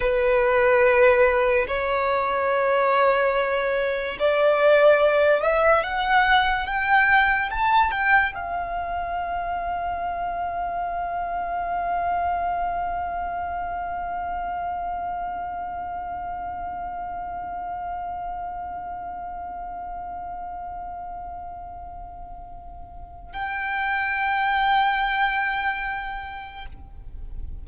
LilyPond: \new Staff \with { instrumentName = "violin" } { \time 4/4 \tempo 4 = 72 b'2 cis''2~ | cis''4 d''4. e''8 fis''4 | g''4 a''8 g''8 f''2~ | f''1~ |
f''1~ | f''1~ | f''1 | g''1 | }